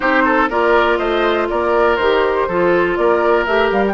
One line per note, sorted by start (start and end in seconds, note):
0.00 0.49 C4
0.00 0.49 D#4
0.00 0.22 G4
0.00 0.48 C5
0.24 0.49 A4
0.49 0.98 A#3
0.49 1.98 F4
0.49 0.98 A#4
0.49 0.97 D5
0.97 1.48 A3
0.97 1.48 C5
0.97 1.47 D#5
1.49 1.97 A#3
1.49 2.48 A#4
1.49 1.96 D5
1.96 2.47 D#3
1.96 2.50 G4
1.96 2.95 C5
2.48 2.97 F3
2.48 3.47 F4
2.48 2.98 A4
2.96 3.47 A#3
2.96 3.93 A#4
2.96 3.45 D5
3.46 3.71 A3
3.46 3.93 G4
3.46 3.70 E5
3.71 3.93 G3
3.71 3.84 F5
3.87 3.93 G5